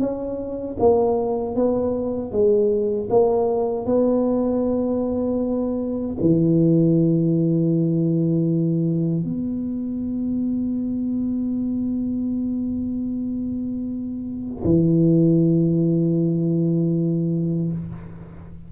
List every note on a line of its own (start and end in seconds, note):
0.00 0.77 C#4
0.80 1.56 A#3
1.56 2.32 B3
2.32 3.09 G#3
3.10 3.86 A#3
3.86 6.17 B3
6.21 9.25 E3
9.25 14.63 B3
14.65 17.72 E3